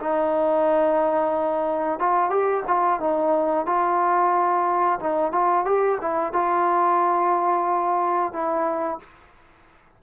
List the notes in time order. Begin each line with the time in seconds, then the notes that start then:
0.00 D#4
1.99 F4
2.30 G4
2.67 F4
3.00 D#4
3.66 F4
5.00 D#4
5.32 F4
5.65 G4
6.02 E4
6.33 F4
8.33 E4